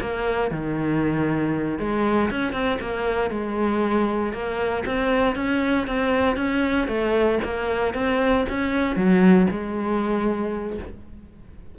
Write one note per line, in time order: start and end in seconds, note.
0.00 0.50 A#3
0.50 1.79 D#3
1.79 2.30 G#3
2.30 2.52 C#4
2.52 2.78 C4
2.80 3.30 A#3
3.30 4.32 G#3
4.32 4.84 A#3
4.85 5.35 C4
5.35 5.87 C#4
5.87 6.36 C4
6.36 6.87 C#4
6.87 7.38 A3
7.44 7.94 A#3
7.94 8.45 C4
8.49 8.96 C#4
8.96 9.47 F#3
9.50 10.78 G#3